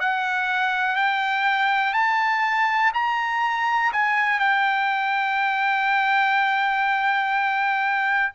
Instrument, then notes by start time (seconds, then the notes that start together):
trumpet
0.00 F#5
0.97 G5
1.94 A5
2.94 A#5
3.93 G#5
4.39 G5